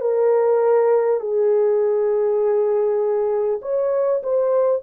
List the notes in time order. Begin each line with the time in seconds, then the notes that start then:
0.00 A#4
1.20 G#4
3.61 C#5
4.23 C5